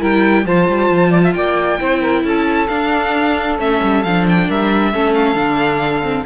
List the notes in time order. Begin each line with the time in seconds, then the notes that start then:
0.00 G3 E4 A#4 G5
0.46 F3 F4 C5 A5
0.69 G3
0.90 F3
1.11 D5
1.24 E5
1.34 A#3 D5 G5
1.79 C4 E4 C5
2.01 A#4
2.24 C#4 A4 A5
2.68 D4 F5
3.59 A3 C#4 E5
3.83 G3
4.04 F3 D4 F5
4.29 G5
4.48 G3 A#4 E5
4.92 A3 C#4 A4
5.14 F5
5.35 D3 D4
6.03 C4